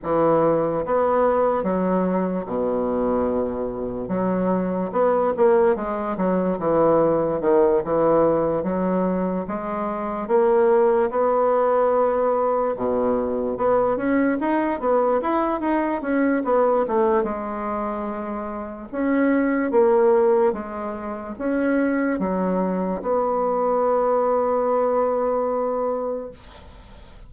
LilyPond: \new Staff \with { instrumentName = "bassoon" } { \time 4/4 \tempo 4 = 73 e4 b4 fis4 b,4~ | b,4 fis4 b8 ais8 gis8 fis8 | e4 dis8 e4 fis4 gis8~ | gis8 ais4 b2 b,8~ |
b,8 b8 cis'8 dis'8 b8 e'8 dis'8 cis'8 | b8 a8 gis2 cis'4 | ais4 gis4 cis'4 fis4 | b1 | }